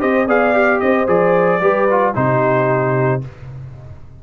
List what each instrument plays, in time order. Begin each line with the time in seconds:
0.00 tuba C4, trombone G4, horn C5, trumpet D#5
0.27 tuba B3, trombone G#4, horn D5, trumpet F5
0.54 trombone G4
0.81 tuba C4, horn C5, trumpet D#5
1.07 tuba F3, trombone G#4, trumpet D5
1.61 tuba G3, trombone G4, horn B4
1.91 trombone F4
2.15 tuba C3, trombone D#4, horn G4, trumpet C5